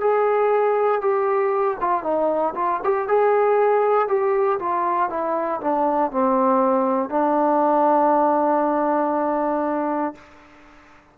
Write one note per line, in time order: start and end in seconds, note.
0.00 1.01 G#4
1.01 1.77 G4
1.80 2.03 F4
2.03 2.54 D#4
2.55 2.80 F4
2.83 3.07 G4
3.07 4.08 G#4
4.08 4.59 G4
4.59 5.09 F4
5.09 5.60 E4
5.61 6.11 D4
6.11 7.10 C4
7.10 10.15 D4